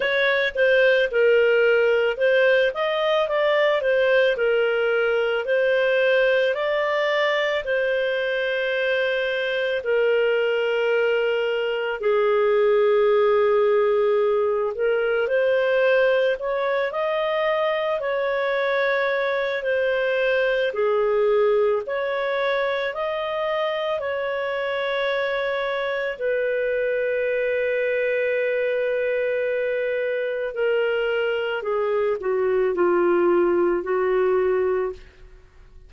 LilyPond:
\new Staff \with { instrumentName = "clarinet" } { \time 4/4 \tempo 4 = 55 cis''8 c''8 ais'4 c''8 dis''8 d''8 c''8 | ais'4 c''4 d''4 c''4~ | c''4 ais'2 gis'4~ | gis'4. ais'8 c''4 cis''8 dis''8~ |
dis''8 cis''4. c''4 gis'4 | cis''4 dis''4 cis''2 | b'1 | ais'4 gis'8 fis'8 f'4 fis'4 | }